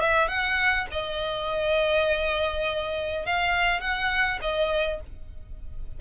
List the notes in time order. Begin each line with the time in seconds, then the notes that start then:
0.00 E5
0.27 F#5
0.91 D#5
3.25 F5
3.80 F#5
4.41 D#5